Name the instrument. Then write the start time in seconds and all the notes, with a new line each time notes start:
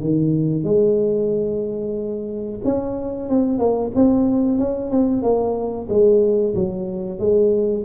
tuba
0.00 D#3
0.64 G#3
2.64 C#4
3.29 C4
3.59 A#3
3.95 C4
4.58 C#4
4.91 C4
5.22 A#3
5.89 G#3
6.55 F#3
7.19 G#3